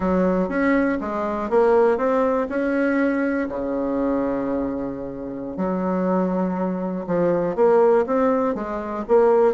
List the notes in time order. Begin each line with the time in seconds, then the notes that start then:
0.00 F#3
0.48 C#4
1.00 G#3
1.50 A#3
1.97 C4
2.49 C#4
3.48 C#3
5.56 F#3
7.06 F3
7.55 A#3
8.06 C4
8.54 G#3
9.07 A#3